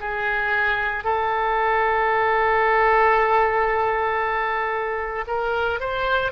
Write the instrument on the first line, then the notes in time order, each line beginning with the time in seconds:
oboe
0.00 G#4
1.04 A4
5.27 A#4
5.80 C5